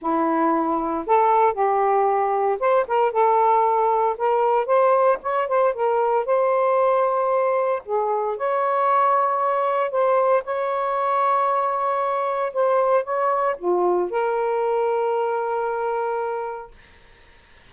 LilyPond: \new Staff \with { instrumentName = "saxophone" } { \time 4/4 \tempo 4 = 115 e'2 a'4 g'4~ | g'4 c''8 ais'8 a'2 | ais'4 c''4 cis''8 c''8 ais'4 | c''2. gis'4 |
cis''2. c''4 | cis''1 | c''4 cis''4 f'4 ais'4~ | ais'1 | }